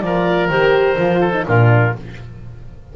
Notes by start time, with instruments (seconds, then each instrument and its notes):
0.00 double bass F3, horn F4, oboe A#4, clarinet D5
0.49 double bass D#3, horn G4, clarinet C5
0.97 double bass F3, horn F4
1.21 oboe A4
1.33 horn D#4
1.47 double bass A#2, horn D4, oboe F4, clarinet A#4